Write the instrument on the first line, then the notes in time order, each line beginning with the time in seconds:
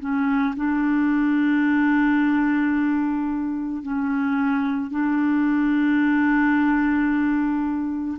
clarinet
0.00 C#4
0.57 D4
3.83 C#4
4.91 D4